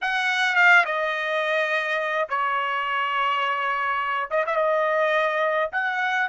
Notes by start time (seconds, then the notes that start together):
0.01 F#5
0.55 F5
0.85 D#5
2.29 C#5
4.30 D#5
4.46 E5
4.55 D#5
5.72 F#5